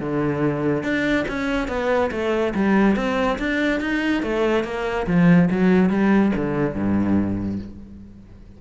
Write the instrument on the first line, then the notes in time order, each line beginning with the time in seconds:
cello
0.00 D3
0.83 D4
1.28 C#4
1.68 B3
2.11 A3
2.55 G3
2.96 C4
3.39 D4
3.80 D#4
4.23 A3
4.64 A#3
5.07 F3
5.50 F#3
5.90 G3
6.36 D3
6.74 G2